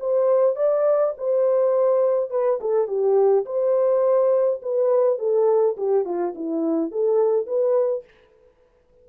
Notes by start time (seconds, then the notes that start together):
0.00 C5
0.56 D5
1.17 C5
2.31 B4
2.61 A4
2.87 G4
3.46 C5
4.62 B4
5.19 A4
5.77 G4
6.05 F4
6.35 E4
6.92 A4
7.47 B4